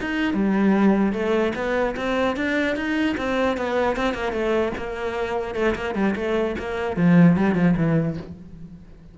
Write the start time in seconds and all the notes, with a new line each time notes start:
0.00 D#4
0.33 G3
1.12 A3
1.55 B3
1.96 C4
2.36 D4
2.76 D#4
3.17 C4
3.57 B3
3.96 C4
4.14 A#3
4.32 A3
4.77 A#3
5.54 A3
5.75 A#3
5.94 G3
6.15 A3
6.58 A#3
6.96 F3
7.36 G3
7.55 F3
7.77 E3